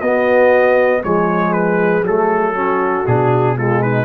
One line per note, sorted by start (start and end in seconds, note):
0.00 1.04 B3
0.00 1.03 B3
0.00 1.02 F#4
0.00 1.03 D#5
1.03 2.02 F3
1.03 2.04 G#3
1.03 2.55 G#4
1.03 1.53 C#5
1.53 2.04 B4
2.02 3.04 F#3
2.02 2.55 A3
2.02 3.07 A4
2.55 3.06 C#4
2.55 3.56 F#4
3.07 4.05 B2
3.07 3.57 D4
3.07 3.58 G#4
3.57 4.05 G#3
3.57 3.82 F4
3.57 3.82 A4
3.82 4.05 D#4
3.82 4.05 B4